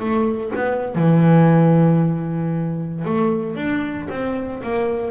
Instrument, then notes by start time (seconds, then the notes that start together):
double bass
0.00 A3
0.56 B3
0.95 E3
3.05 A3
3.56 D4
4.10 C4
4.63 A#3